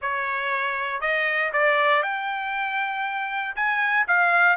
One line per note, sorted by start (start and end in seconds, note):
0.01 1.01 C#5
1.01 1.51 D#5
1.52 2.02 D5
2.02 3.55 G5
3.55 4.06 G#5
4.07 4.56 F5